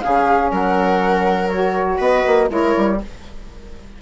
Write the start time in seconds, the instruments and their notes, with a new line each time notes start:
0.00 bassoon C#3, saxophone C#4, viola G#4, flute F5
0.51 bassoon F#3, viola A#4, flute F#5
1.49 saxophone F#4, flute C#5
1.98 bassoon B3, viola B4, flute D#5
2.26 bassoon A#3
2.48 bassoon G#3, saxophone E4, viola A#4, flute C#5
2.77 bassoon G3